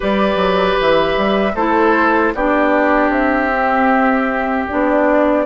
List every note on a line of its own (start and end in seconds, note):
0.00 0.35 G3
0.00 1.54 G4
0.00 1.52 B4
0.00 0.80 D5
0.35 0.74 F#3
0.81 1.17 E3
0.81 1.55 E5
1.17 1.54 G3
1.54 2.32 A3
1.54 2.35 E4
1.54 2.33 A4
1.54 2.33 C5
2.34 3.09 B3
2.34 3.52 D4
2.34 5.45 G4
2.34 3.11 D5
3.09 4.65 C4
3.09 4.66 E5
3.52 4.68 C4
4.68 5.45 B3
4.68 5.45 D4
4.68 5.45 D5